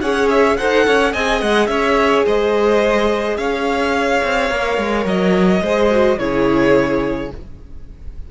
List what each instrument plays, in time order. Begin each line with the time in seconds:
0.00 cello C#4, viola G#4, violin C#5 F#5
0.29 violin E5
0.57 cello D#4, viola A4, violin C5 F#5
0.86 cello C#4, violin C#5
1.12 cello C4, viola G#4, violin D#5 G#5
1.41 cello G#3, violin F#5
1.66 cello C#4, violin C#5 E5
2.25 cello G#3, violin C5 D#5
3.37 cello C#4, violin C#5 F5
4.23 cello C4
4.49 cello A#3, viola A#4
4.77 cello G#3
5.04 cello F#3, violin D#5
5.61 cello G#3, viola G#4, violin C5
5.90 viola F#4
6.18 cello C#3, viola E4, violin G#4 C#5